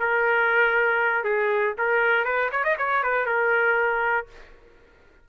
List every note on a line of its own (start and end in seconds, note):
0.00 1.25 A#4
1.25 1.75 G#4
1.78 2.25 A#4
2.25 2.50 B4
2.52 2.64 C#5
2.64 2.77 D#5
2.78 3.04 C#5
3.04 3.27 B4
3.27 4.27 A#4